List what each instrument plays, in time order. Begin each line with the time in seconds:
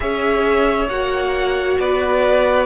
0.00 cello C#4, viola G#4, violin C#5 E5
0.88 cello A#3, viola F#4, violin F#5
1.79 cello B3, violin B4 D5